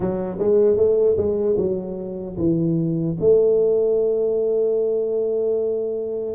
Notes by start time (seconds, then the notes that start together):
0.00 F#3
0.38 G#3
0.76 A3
1.17 G#3
1.57 F#3
2.37 E3
3.19 A3